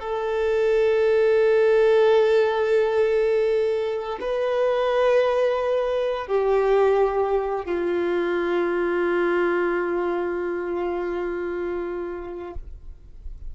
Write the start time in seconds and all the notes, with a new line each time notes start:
0.00 A4
4.21 B4
6.27 G4
7.66 F4